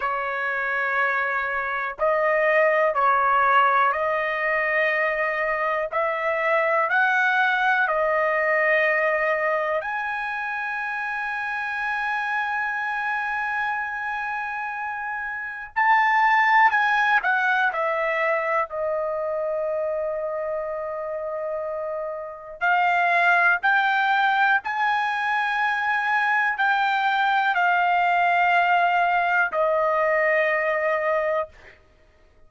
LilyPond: \new Staff \with { instrumentName = "trumpet" } { \time 4/4 \tempo 4 = 61 cis''2 dis''4 cis''4 | dis''2 e''4 fis''4 | dis''2 gis''2~ | gis''1 |
a''4 gis''8 fis''8 e''4 dis''4~ | dis''2. f''4 | g''4 gis''2 g''4 | f''2 dis''2 | }